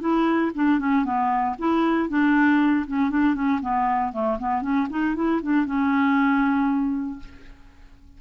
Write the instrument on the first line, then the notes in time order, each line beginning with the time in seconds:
clarinet
0.00 E4
0.55 D4
0.79 C#4
1.05 B3
1.59 E4
2.09 D4
2.87 C#4
3.10 D4
3.34 C#4
3.61 B3
4.13 A3
4.39 B3
4.62 C#4
4.90 D#4
5.16 E4
5.42 D4
5.66 C#4